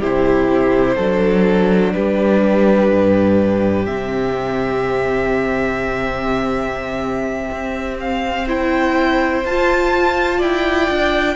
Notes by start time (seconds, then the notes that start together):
0.00 C3 E4 G4 C5
0.96 F#3 D4 A4
1.93 G3 G4 B4
2.92 G2
3.86 C3 C4 E5
7.51 C4
8.00 F5
8.45 E4 C5 G5
9.44 F4 A5
10.38 E4 D5 G5
10.90 D4